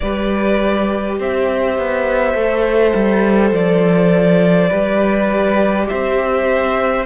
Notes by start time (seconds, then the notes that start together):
0.00 G3 G4 B4 D5
1.17 C4 C5 E5
1.77 B3
2.34 A3 A4
2.94 G3
3.51 F3 D5
4.68 G3 G4 B4
5.88 C4 C5 E5